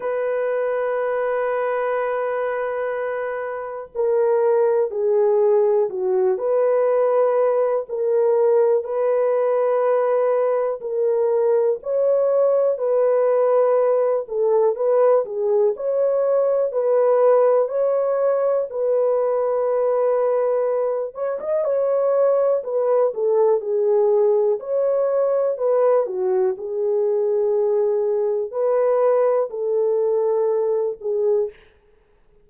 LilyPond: \new Staff \with { instrumentName = "horn" } { \time 4/4 \tempo 4 = 61 b'1 | ais'4 gis'4 fis'8 b'4. | ais'4 b'2 ais'4 | cis''4 b'4. a'8 b'8 gis'8 |
cis''4 b'4 cis''4 b'4~ | b'4. cis''16 dis''16 cis''4 b'8 a'8 | gis'4 cis''4 b'8 fis'8 gis'4~ | gis'4 b'4 a'4. gis'8 | }